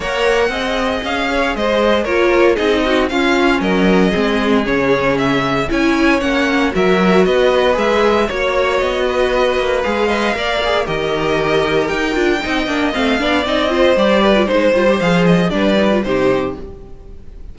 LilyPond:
<<
  \new Staff \with { instrumentName = "violin" } { \time 4/4 \tempo 4 = 116 fis''2 f''4 dis''4 | cis''4 dis''4 f''4 dis''4~ | dis''4 cis''4 e''4 gis''4 | fis''4 e''4 dis''4 e''4 |
cis''4 dis''2 f''4~ | f''4 dis''2 g''4~ | g''4 f''4 dis''4 d''4 | c''4 f''8 dis''8 d''4 c''4 | }
  \new Staff \with { instrumentName = "violin" } { \time 4/4 cis''4 dis''4. cis''8 c''4 | ais'4 gis'8 fis'8 f'4 ais'4 | gis'2. cis''4~ | cis''4 ais'4 b'2 |
cis''4. b'2 dis''8 | d''4 ais'2. | dis''4. d''4 c''4 b'8 | c''2 b'4 g'4 | }
  \new Staff \with { instrumentName = "viola" } { \time 4/4 ais'4 gis'2. | f'4 dis'4 cis'2 | c'4 cis'2 e'4 | cis'4 fis'2 gis'4 |
fis'2. gis'8 b'8 | ais'8 gis'8 g'2~ g'8 f'8 | dis'8 d'8 c'8 d'8 dis'8 f'8 g'8. f'16 | dis'8 f'16 g'16 gis'4 d'8 dis'16 f'16 dis'4 | }
  \new Staff \with { instrumentName = "cello" } { \time 4/4 ais4 c'4 cis'4 gis4 | ais4 c'4 cis'4 fis4 | gis4 cis2 cis'4 | ais4 fis4 b4 gis4 |
ais4 b4. ais8 gis4 | ais4 dis2 dis'8 d'8 | c'8 ais8 a8 b8 c'4 g4 | gis8 g8 f4 g4 c4 | }
>>